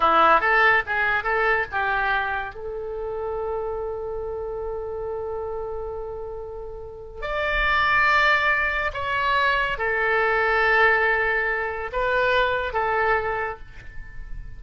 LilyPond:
\new Staff \with { instrumentName = "oboe" } { \time 4/4 \tempo 4 = 141 e'4 a'4 gis'4 a'4 | g'2 a'2~ | a'1~ | a'1~ |
a'4 d''2.~ | d''4 cis''2 a'4~ | a'1 | b'2 a'2 | }